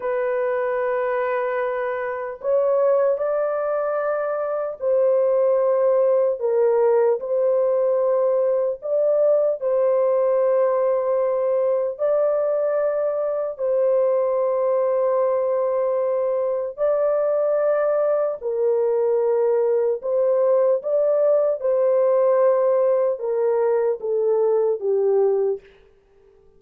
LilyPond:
\new Staff \with { instrumentName = "horn" } { \time 4/4 \tempo 4 = 75 b'2. cis''4 | d''2 c''2 | ais'4 c''2 d''4 | c''2. d''4~ |
d''4 c''2.~ | c''4 d''2 ais'4~ | ais'4 c''4 d''4 c''4~ | c''4 ais'4 a'4 g'4 | }